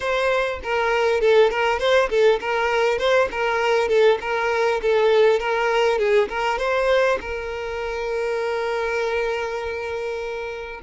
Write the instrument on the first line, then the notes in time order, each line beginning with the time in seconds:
violin
0.00 C5
0.63 A#4
1.20 A4
1.50 A#4
1.79 C5
2.09 A4
2.40 A#4
2.98 C5
3.31 A#4
3.88 A4
4.20 A#4
4.82 A4
5.39 A#4
5.98 G#4
6.28 A#4
6.58 C5
7.20 A#4